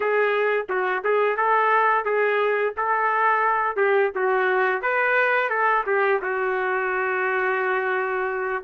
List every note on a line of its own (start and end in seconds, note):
0.00 0.66 G#4
0.69 1.03 F#4
1.03 1.36 G#4
1.36 2.05 A4
2.05 2.74 G#4
2.76 3.76 A4
3.76 4.11 G4
4.15 4.82 F#4
4.82 5.49 B4
5.49 5.84 A4
5.86 6.21 G4
6.21 8.63 F#4